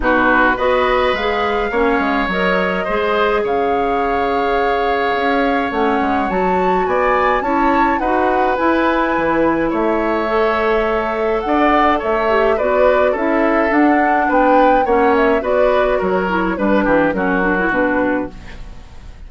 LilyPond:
<<
  \new Staff \with { instrumentName = "flute" } { \time 4/4 \tempo 4 = 105 b'4 dis''4 f''2 | dis''2 f''2~ | f''2 fis''4 a''4 | gis''4 a''4 fis''4 gis''4~ |
gis''4 e''2. | fis''4 e''4 d''4 e''4 | fis''4 g''4 fis''8 e''8 d''4 | cis''4 b'4 ais'4 b'4 | }
  \new Staff \with { instrumentName = "oboe" } { \time 4/4 fis'4 b'2 cis''4~ | cis''4 c''4 cis''2~ | cis''1 | d''4 cis''4 b'2~ |
b'4 cis''2. | d''4 cis''4 b'4 a'4~ | a'4 b'4 cis''4 b'4 | ais'4 b'8 g'8 fis'2 | }
  \new Staff \with { instrumentName = "clarinet" } { \time 4/4 dis'4 fis'4 gis'4 cis'4 | ais'4 gis'2.~ | gis'2 cis'4 fis'4~ | fis'4 e'4 fis'4 e'4~ |
e'2 a'2~ | a'4. g'8 fis'4 e'4 | d'2 cis'4 fis'4~ | fis'8 e'8 d'4 cis'8 d'16 e'16 d'4 | }
  \new Staff \with { instrumentName = "bassoon" } { \time 4/4 b,4 b4 gis4 ais8 gis8 | fis4 gis4 cis2~ | cis4 cis'4 a8 gis8 fis4 | b4 cis'4 dis'4 e'4 |
e4 a2. | d'4 a4 b4 cis'4 | d'4 b4 ais4 b4 | fis4 g8 e8 fis4 b,4 | }
>>